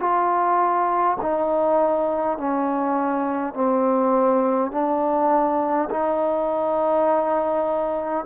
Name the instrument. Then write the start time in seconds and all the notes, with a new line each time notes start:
trombone
0.00 F4
1.22 D#4
2.38 C#4
3.54 C4
4.72 D4
5.90 D#4